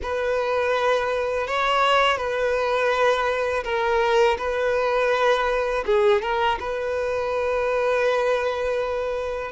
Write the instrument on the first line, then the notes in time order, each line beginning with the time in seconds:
violin
0.02 B4
1.47 C#5
2.17 B4
3.64 A#4
4.37 B4
5.85 G#4
6.22 A#4
6.59 B4